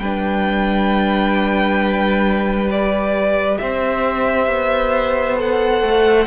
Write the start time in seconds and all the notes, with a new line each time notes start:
0.00 G3 D4 B4 G5
2.71 G4 D5
3.58 C4 C5 E5
4.47 B3
5.37 A4 F#5
5.82 A3